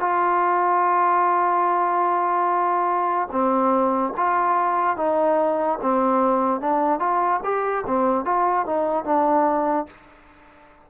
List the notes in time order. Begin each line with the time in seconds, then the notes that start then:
0.00 F4
3.32 C4
4.18 F4
4.97 D#4
5.82 C4
6.61 D4
7.00 F4
7.44 G4
7.87 C4
8.26 F4
8.66 D#4
9.05 D4